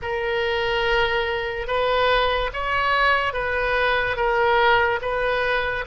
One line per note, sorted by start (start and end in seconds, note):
0.02 1.67 A#4
1.67 2.50 B4
2.53 3.33 C#5
3.33 4.16 B4
4.16 4.99 A#4
5.01 5.84 B4